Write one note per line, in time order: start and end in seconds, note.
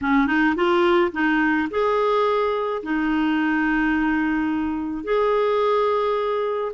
0.01 0.27 C#4
0.27 0.55 D#4
0.55 1.11 F4
1.12 1.68 D#4
1.70 2.82 G#4
2.83 5.03 D#4
5.03 6.72 G#4